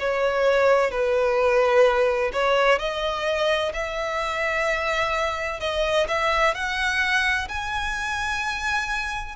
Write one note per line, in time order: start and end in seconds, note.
0.00 0.91 C#5
0.91 2.31 B4
2.33 2.79 C#5
2.79 3.73 D#5
3.73 5.60 E5
5.60 6.07 D#5
6.09 6.55 E5
6.55 7.48 F#5
7.49 9.36 G#5